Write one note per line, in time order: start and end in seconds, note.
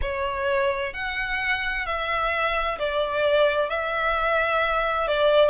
0.01 0.93 C#5
0.93 1.85 F#5
1.85 2.78 E5
2.78 3.69 D5
3.69 5.07 E5
5.07 5.49 D5